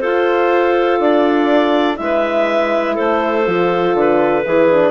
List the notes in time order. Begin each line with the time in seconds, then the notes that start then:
0.00 F4 A4 C5
1.00 D4 D5
1.96 G#3 E4 E5
2.04 B4
2.95 A3 A4 C5
3.46 F3 F4
3.95 D3 B4
4.45 E3 E4 G#4
4.70 D4